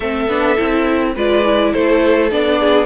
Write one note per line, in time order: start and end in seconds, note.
0.00 0.27 A3
0.00 0.29 C4
0.00 1.13 A4
0.00 1.12 E5
0.27 0.56 B3
0.27 0.57 D4
0.57 1.16 C4
0.57 1.14 E4
1.14 1.73 G#3
1.14 1.44 F4
1.14 1.72 B4
1.14 1.72 D5
1.44 2.30 E4
1.72 2.31 A3
1.72 2.59 A4
1.72 2.30 C5
2.30 2.85 B3
2.30 2.85 D4
2.30 2.85 D5
2.59 2.85 G#4